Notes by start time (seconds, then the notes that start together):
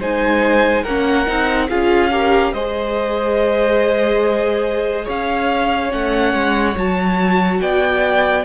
0.00 G#3 D#4 C5 G#5
0.83 A#3 C#4 A#4 F#5
1.26 C4 D#4
1.69 C#4 F4 G#4 F5
2.11 G4 A#4
2.53 G#3 G#4 C5 D#5
5.05 C#4 C#5 F5
5.90 A3 C#4 F#5
6.33 G#3
6.76 F#3 F#4 A5
7.61 B3 D5 G5